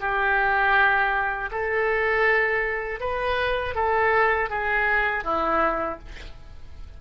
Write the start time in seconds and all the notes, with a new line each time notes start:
0.00 G4
1.51 A4
3.00 B4
3.75 A4
4.50 G#4
5.24 E4